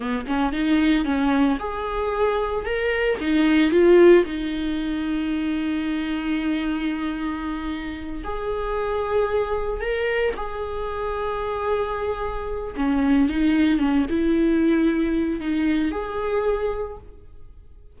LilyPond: \new Staff \with { instrumentName = "viola" } { \time 4/4 \tempo 4 = 113 b8 cis'8 dis'4 cis'4 gis'4~ | gis'4 ais'4 dis'4 f'4 | dis'1~ | dis'2.~ dis'8 gis'8~ |
gis'2~ gis'8 ais'4 gis'8~ | gis'1 | cis'4 dis'4 cis'8 e'4.~ | e'4 dis'4 gis'2 | }